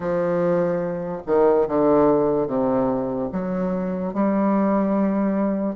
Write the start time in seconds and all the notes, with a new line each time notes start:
0.00 F3
1.26 D#3
1.68 D3
2.47 C3
3.32 F#3
4.13 G3